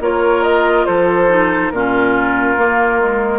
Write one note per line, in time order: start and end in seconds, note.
0.00 0.86 A#3
0.00 1.29 F4
0.00 0.86 A#4
0.00 0.43 C#5
0.43 0.85 D#5
0.85 1.71 F3
0.85 1.72 A4
0.85 1.70 C5
1.29 1.72 D#4
1.70 2.57 A#2
1.70 2.58 C#4
1.70 3.39 F4
1.70 3.39 A#4
2.57 3.39 A#3
2.57 3.00 A#3
3.00 3.39 G#3